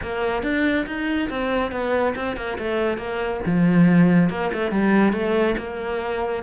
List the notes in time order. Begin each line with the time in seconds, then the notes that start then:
0.02 A#3
0.43 D4
0.86 D#4
1.29 C4
1.71 B3
2.15 C4
2.36 A#3
2.58 A3
2.97 A#3
3.46 F3
4.29 A#3
4.53 A3
4.71 G3
5.12 A3
5.57 A#3